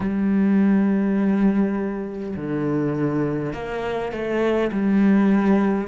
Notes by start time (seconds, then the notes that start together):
0.00 G3
2.36 D3
3.53 A#3
4.12 A3
4.72 G3